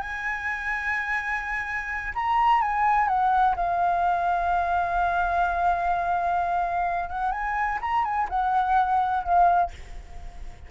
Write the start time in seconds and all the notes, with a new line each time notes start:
0.00 G#5
2.15 A#5
2.61 G#5
3.08 F#5
3.56 F5
7.09 F#5
7.31 G#5
7.81 A#5
8.04 G#5
8.29 F#5
9.23 F5